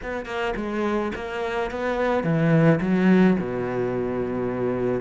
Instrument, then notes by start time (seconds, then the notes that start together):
cello
0.02 B3
0.25 A#3
0.56 G#3
1.15 A#3
1.71 B3
2.23 E3
2.80 F#3
3.39 B2